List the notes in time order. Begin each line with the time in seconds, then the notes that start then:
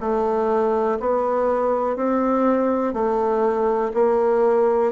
0.00 A3
1.00 B3
1.96 C4
2.93 A3
3.94 A#3